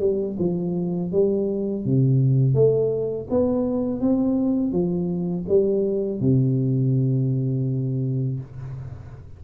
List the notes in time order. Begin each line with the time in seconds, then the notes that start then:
0.00 G3
0.39 F3
1.12 G3
1.86 C3
2.54 A3
3.30 B3
4.01 C4
4.72 F3
5.49 G3
6.21 C3